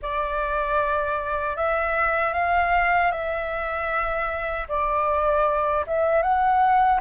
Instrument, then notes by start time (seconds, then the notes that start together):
flute
0.02 D5
1.56 E5
2.33 F5
3.11 E5
4.68 D5
5.87 E5
6.22 F#5